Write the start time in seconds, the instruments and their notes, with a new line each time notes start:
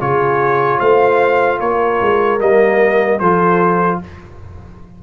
0.00 tuba C#3, trombone F4, horn G#4, trumpet C#5
0.78 tuba A3, horn C5, trumpet F5
1.60 tuba A#3, horn A#4, trumpet C#5
2.01 tuba G#3
2.40 tuba G3, trombone A#3, trumpet D#5
3.19 tuba F3, trombone F4, horn A4, trumpet C5